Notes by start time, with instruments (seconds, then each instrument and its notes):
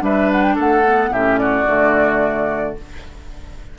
0.00 bassoon G3, clarinet D4, oboe B4, flute E5
0.31 flute F#5
0.42 flute G5
0.54 bassoon A3, oboe A4, flute F#5
0.85 clarinet B3
1.09 bassoon A2, clarinet C#4, oboe G4, flute E5
1.38 oboe F#4, flute D5
1.66 bassoon D3, clarinet A3